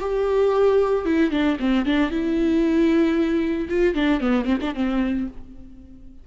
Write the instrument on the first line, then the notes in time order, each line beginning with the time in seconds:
viola
0.00 G4
1.05 E4
1.30 D4
1.59 C4
1.85 D4
2.10 E4
3.69 F4
3.94 D4
4.20 B3
4.45 C4
4.61 D4
4.74 C4